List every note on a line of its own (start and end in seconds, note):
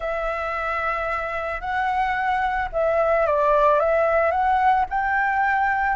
0.00 1.60 E5
1.60 2.68 F#5
2.72 3.26 E5
3.26 3.79 D5
3.79 4.31 E5
4.31 4.85 F#5
4.89 5.96 G5